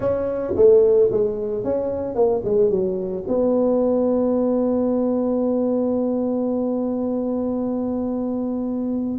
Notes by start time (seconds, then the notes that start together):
0.00 C#4
0.56 A3
1.11 G#3
1.63 C#4
2.15 A#3
2.44 G#3
2.70 F#3
3.27 B3